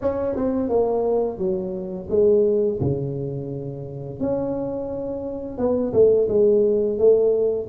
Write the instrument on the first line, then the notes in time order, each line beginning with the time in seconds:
tuba
0.01 C#4
0.35 C4
0.69 A#3
1.38 F#3
2.09 G#3
2.80 C#3
4.20 C#4
5.58 B3
5.93 A3
6.28 G#3
6.98 A3